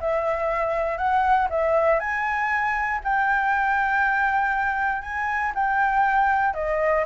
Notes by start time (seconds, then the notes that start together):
0.00 E5
0.98 F#5
1.50 E5
2.00 G#5
3.04 G5
5.02 G#5
5.55 G5
6.54 D#5